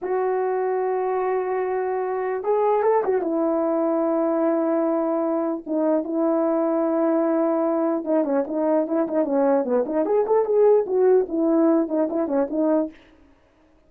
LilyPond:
\new Staff \with { instrumentName = "horn" } { \time 4/4 \tempo 4 = 149 fis'1~ | fis'2 gis'4 a'8 fis'8 | e'1~ | e'2 dis'4 e'4~ |
e'1 | dis'8 cis'8 dis'4 e'8 dis'8 cis'4 | b8 dis'8 gis'8 a'8 gis'4 fis'4 | e'4. dis'8 e'8 cis'8 dis'4 | }